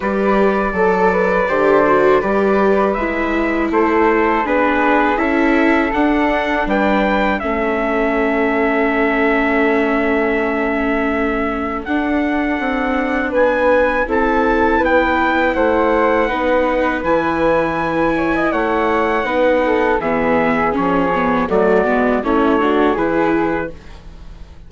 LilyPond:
<<
  \new Staff \with { instrumentName = "trumpet" } { \time 4/4 \tempo 4 = 81 d''1 | e''4 c''4 b'4 e''4 | fis''4 g''4 e''2~ | e''1 |
fis''2 gis''4 a''4 | g''4 fis''2 gis''4~ | gis''4 fis''2 e''4 | cis''4 d''4 cis''4 b'4 | }
  \new Staff \with { instrumentName = "flute" } { \time 4/4 b'4 a'8 b'8 c''4 b'4~ | b'4 a'4 gis'4 a'4~ | a'4 b'4 a'2~ | a'1~ |
a'2 b'4 a'4 | b'4 c''4 b'2~ | b'8 cis''16 dis''16 cis''4 b'8 a'8 gis'4~ | gis'4 fis'4 e'8 fis'8 gis'4 | }
  \new Staff \with { instrumentName = "viola" } { \time 4/4 g'4 a'4 g'8 fis'8 g'4 | e'2 d'4 e'4 | d'2 cis'2~ | cis'1 |
d'2. e'4~ | e'2 dis'4 e'4~ | e'2 dis'4 b4 | cis'8 b8 a8 b8 cis'8 d'8 e'4 | }
  \new Staff \with { instrumentName = "bassoon" } { \time 4/4 g4 fis4 d4 g4 | gis4 a4 b4 cis'4 | d'4 g4 a2~ | a1 |
d'4 c'4 b4 c'4 | b4 a4 b4 e4~ | e4 a4 b4 e4 | f4 fis8 gis8 a4 e4 | }
>>